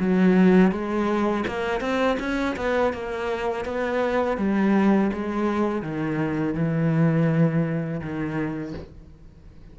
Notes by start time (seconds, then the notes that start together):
0.00 F#3
0.72 G#3
1.48 A#3
1.81 C4
2.20 C#4
2.57 B3
2.93 A#3
3.66 B3
4.38 G3
5.14 G#3
5.83 D#3
6.55 E3
8.01 D#3